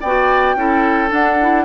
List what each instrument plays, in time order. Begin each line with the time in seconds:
0.00 bassoon B3, clarinet F#4, oboe D5, flute G5
0.55 bassoon C#4, clarinet E4, oboe A4
1.08 clarinet D4, bassoon D4, flute F#5
1.40 clarinet E4